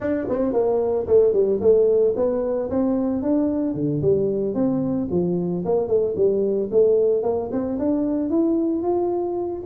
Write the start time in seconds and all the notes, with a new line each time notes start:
0.00 D4
0.28 C4
0.53 A#3
1.07 A3
1.33 G3
1.60 A3
2.16 B3
2.69 C4
3.22 D4
3.74 D3
4.01 G3
4.54 C4
5.10 F3
5.65 A#3
5.87 A3
6.16 G3
6.71 A3
7.22 A#3
7.51 C4
7.78 D4
8.29 E4
8.82 F4